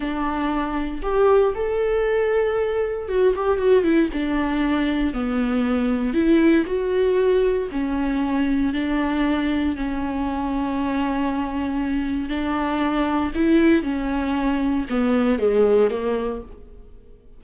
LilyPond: \new Staff \with { instrumentName = "viola" } { \time 4/4 \tempo 4 = 117 d'2 g'4 a'4~ | a'2 fis'8 g'8 fis'8 e'8 | d'2 b2 | e'4 fis'2 cis'4~ |
cis'4 d'2 cis'4~ | cis'1 | d'2 e'4 cis'4~ | cis'4 b4 gis4 ais4 | }